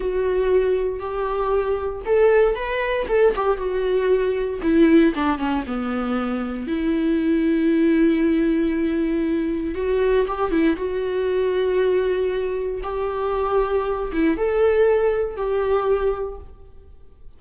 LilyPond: \new Staff \with { instrumentName = "viola" } { \time 4/4 \tempo 4 = 117 fis'2 g'2 | a'4 b'4 a'8 g'8 fis'4~ | fis'4 e'4 d'8 cis'8 b4~ | b4 e'2.~ |
e'2. fis'4 | g'8 e'8 fis'2.~ | fis'4 g'2~ g'8 e'8 | a'2 g'2 | }